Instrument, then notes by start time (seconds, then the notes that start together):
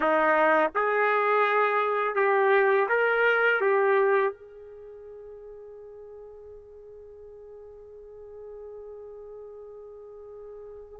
trumpet
0.00 D#4
0.74 G#4
2.15 G4
2.88 A#4
3.60 G4
4.32 G#4